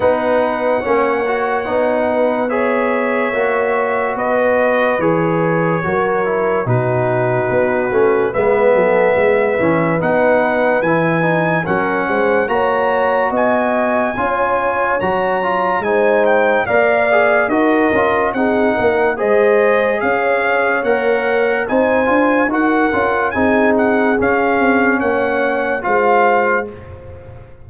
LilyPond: <<
  \new Staff \with { instrumentName = "trumpet" } { \time 4/4 \tempo 4 = 72 fis''2. e''4~ | e''4 dis''4 cis''2 | b'2 e''2 | fis''4 gis''4 fis''4 ais''4 |
gis''2 ais''4 gis''8 g''8 | f''4 dis''4 fis''4 dis''4 | f''4 fis''4 gis''4 fis''4 | gis''8 fis''8 f''4 fis''4 f''4 | }
  \new Staff \with { instrumentName = "horn" } { \time 4/4 b'4 cis''4. b'8 cis''4~ | cis''4 b'2 ais'4 | fis'2 b'8 a'8 b'4~ | b'2 ais'8 c''8 cis''4 |
dis''4 cis''2 c''4 | d''4 ais'4 gis'8 ais'8 c''4 | cis''2 c''4 ais'4 | gis'2 cis''4 c''4 | }
  \new Staff \with { instrumentName = "trombone" } { \time 4/4 dis'4 cis'8 fis'8 dis'4 gis'4 | fis'2 gis'4 fis'8 e'8 | dis'4. cis'8 b4. cis'8 | dis'4 e'8 dis'8 cis'4 fis'4~ |
fis'4 f'4 fis'8 f'8 dis'4 | ais'8 gis'8 fis'8 f'8 dis'4 gis'4~ | gis'4 ais'4 dis'8 f'8 fis'8 f'8 | dis'4 cis'2 f'4 | }
  \new Staff \with { instrumentName = "tuba" } { \time 4/4 b4 ais4 b2 | ais4 b4 e4 fis4 | b,4 b8 a8 gis8 fis8 gis8 e8 | b4 e4 fis8 gis8 ais4 |
b4 cis'4 fis4 gis4 | ais4 dis'8 cis'8 c'8 ais8 gis4 | cis'4 ais4 c'8 d'8 dis'8 cis'8 | c'4 cis'8 c'8 ais4 gis4 | }
>>